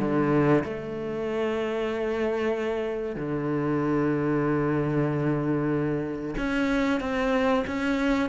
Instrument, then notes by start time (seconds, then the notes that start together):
cello
0.00 D3
0.64 A3
3.16 D3
6.38 C#4
7.01 C4
7.67 C#4